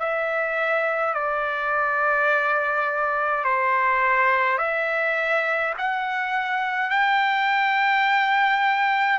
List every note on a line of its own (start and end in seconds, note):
0.00 1.14 E5
1.14 3.45 D5
3.45 4.58 C5
4.58 5.74 E5
5.78 6.90 F#5
6.90 9.19 G5